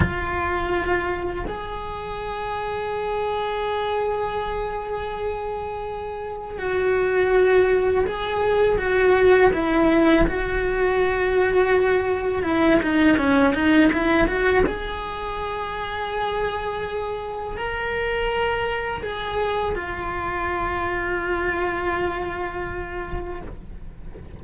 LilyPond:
\new Staff \with { instrumentName = "cello" } { \time 4/4 \tempo 4 = 82 f'2 gis'2~ | gis'1~ | gis'4 fis'2 gis'4 | fis'4 e'4 fis'2~ |
fis'4 e'8 dis'8 cis'8 dis'8 e'8 fis'8 | gis'1 | ais'2 gis'4 f'4~ | f'1 | }